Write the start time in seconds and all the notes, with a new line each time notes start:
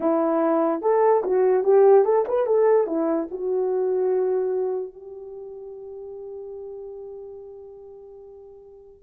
0.00 E4
0.81 A4
1.23 F#4
1.63 G4
2.04 A4
2.28 B4
2.46 A4
2.86 E4
3.31 F#4
4.93 G4